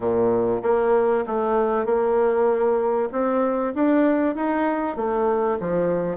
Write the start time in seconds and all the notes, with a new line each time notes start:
0.00 A#2
0.62 A#3
1.27 A3
1.85 A#3
3.12 C4
3.74 D4
4.35 D#4
4.96 A3
5.60 F3